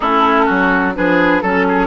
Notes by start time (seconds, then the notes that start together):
0.00 A3 C#4 E4 A4
0.45 F#3 F#4
0.94 F3 D4 G#4 B4
1.41 F#3 C#4 A4
1.68 G#4